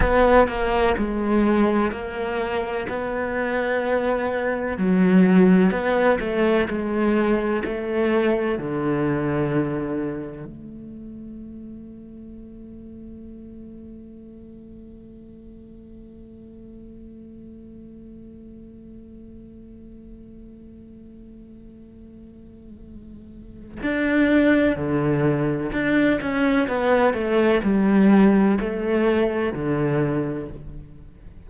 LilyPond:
\new Staff \with { instrumentName = "cello" } { \time 4/4 \tempo 4 = 63 b8 ais8 gis4 ais4 b4~ | b4 fis4 b8 a8 gis4 | a4 d2 a4~ | a1~ |
a1~ | a1~ | a4 d'4 d4 d'8 cis'8 | b8 a8 g4 a4 d4 | }